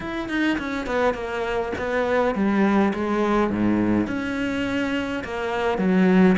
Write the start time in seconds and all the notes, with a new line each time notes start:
0.00 E4
0.28 D#4
0.58 C#4
0.86 B3
1.14 A#3
1.77 B3
2.34 G3
2.93 G#3
3.50 G#2
4.07 C#4
5.23 A#3
5.78 F#3